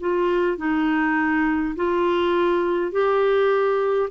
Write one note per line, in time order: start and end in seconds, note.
0.00 0.57 F4
0.57 1.75 D#4
1.76 2.91 F4
2.91 4.09 G4